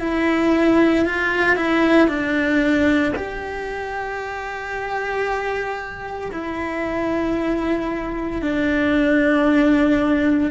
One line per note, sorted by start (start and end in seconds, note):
0.00 1.05 E4
1.05 1.56 F4
1.56 2.08 E4
2.08 3.13 D4
3.16 6.32 G4
6.32 8.42 E4
8.42 10.51 D4